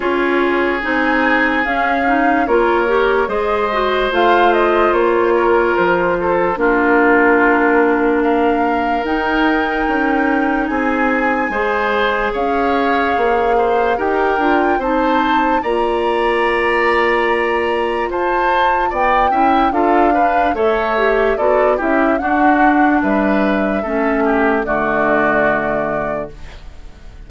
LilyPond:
<<
  \new Staff \with { instrumentName = "flute" } { \time 4/4 \tempo 4 = 73 cis''4 gis''4 f''4 cis''4 | dis''4 f''8 dis''8 cis''4 c''4 | ais'2 f''4 g''4~ | g''4 gis''2 f''4~ |
f''4 g''4 a''4 ais''4~ | ais''2 a''4 g''4 | f''4 e''4 d''8 e''8 fis''4 | e''2 d''2 | }
  \new Staff \with { instrumentName = "oboe" } { \time 4/4 gis'2. ais'4 | c''2~ c''8 ais'4 a'8 | f'2 ais'2~ | ais'4 gis'4 c''4 cis''4~ |
cis''8 c''8 ais'4 c''4 d''4~ | d''2 c''4 d''8 e''8 | a'8 b'8 cis''4 a'8 g'8 fis'4 | b'4 a'8 g'8 fis'2 | }
  \new Staff \with { instrumentName = "clarinet" } { \time 4/4 f'4 dis'4 cis'8 dis'8 f'8 g'8 | gis'8 fis'8 f'2. | d'2. dis'4~ | dis'2 gis'2~ |
gis'4 g'8 f'8 dis'4 f'4~ | f'2.~ f'8 e'8 | f'8 d'8 a'8 g'8 fis'8 e'8 d'4~ | d'4 cis'4 a2 | }
  \new Staff \with { instrumentName = "bassoon" } { \time 4/4 cis'4 c'4 cis'4 ais4 | gis4 a4 ais4 f4 | ais2. dis'4 | cis'4 c'4 gis4 cis'4 |
ais4 dis'8 d'8 c'4 ais4~ | ais2 f'4 b8 cis'8 | d'4 a4 b8 cis'8 d'4 | g4 a4 d2 | }
>>